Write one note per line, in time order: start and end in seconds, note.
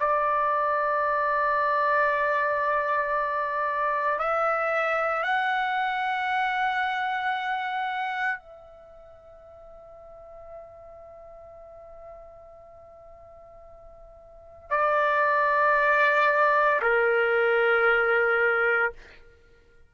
0.00 4.19 D5
4.19 5.23 E5
5.23 8.39 F#5
8.39 14.70 E5
14.70 16.81 D5
16.82 18.92 A#4